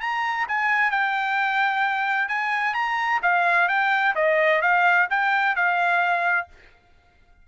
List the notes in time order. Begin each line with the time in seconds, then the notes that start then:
0.00 A#5
0.48 G#5
0.90 G5
2.28 G#5
2.74 A#5
3.22 F5
3.68 G5
4.15 D#5
4.61 F5
5.10 G5
5.55 F5